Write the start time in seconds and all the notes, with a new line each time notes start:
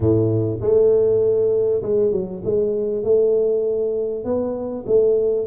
0.00 A2
0.60 A3
1.82 G#3
2.12 F#3
2.44 G#3
3.03 A3
4.24 B3
4.86 A3